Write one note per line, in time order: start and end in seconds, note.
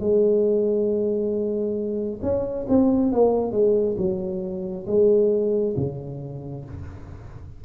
0.00 2.21 G#3
2.23 2.67 C#4
2.69 3.12 C4
3.12 3.52 A#3
3.52 3.96 G#3
3.98 4.86 F#3
4.87 5.75 G#3
5.77 6.65 C#3